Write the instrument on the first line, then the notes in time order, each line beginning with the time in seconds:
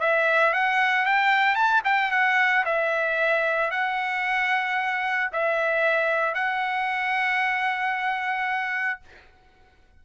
trumpet
0.00 E5
0.53 F#5
1.05 G5
1.55 A5
1.84 G5
2.11 F#5
2.65 E5
3.71 F#5
5.32 E5
6.34 F#5